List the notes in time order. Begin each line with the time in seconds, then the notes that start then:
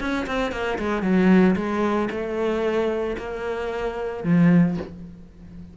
0.00 C#4
0.27 C4
0.52 A#3
0.79 G#3
1.03 F#3
1.56 G#3
2.11 A3
3.18 A#3
4.24 F3